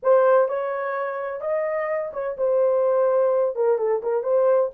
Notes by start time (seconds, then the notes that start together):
0.02 C5
0.48 C#5
1.40 D#5
2.13 C#5
2.37 C5
3.55 A#4
3.78 A4
4.02 A#4
4.23 C5